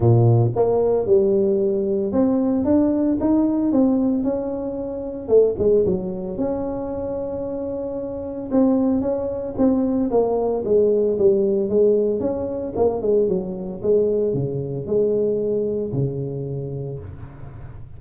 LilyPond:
\new Staff \with { instrumentName = "tuba" } { \time 4/4 \tempo 4 = 113 ais,4 ais4 g2 | c'4 d'4 dis'4 c'4 | cis'2 a8 gis8 fis4 | cis'1 |
c'4 cis'4 c'4 ais4 | gis4 g4 gis4 cis'4 | ais8 gis8 fis4 gis4 cis4 | gis2 cis2 | }